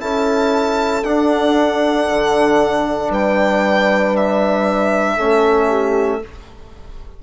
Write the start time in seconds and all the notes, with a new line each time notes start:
0.00 C#4 E4 A4 A5
1.04 D4 F#5
2.09 D3
3.10 G3 B4 G5
4.16 E5
5.16 A3 C#4 A4
5.68 G4